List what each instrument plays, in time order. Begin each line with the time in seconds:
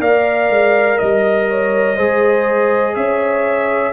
0.00 tuba A#3, trombone A#4, horn D5, trumpet F5
0.49 tuba G#3
0.98 tuba G3, trumpet D#5, horn D#5
1.50 horn C#5
1.96 tuba G#3, trombone G#4, horn C5
2.95 tuba C#4, horn C#5, trumpet E5